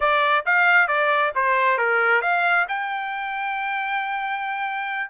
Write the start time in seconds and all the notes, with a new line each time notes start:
0.00 D5
0.45 F5
0.87 D5
1.35 C5
1.78 A#4
2.21 F5
2.68 G5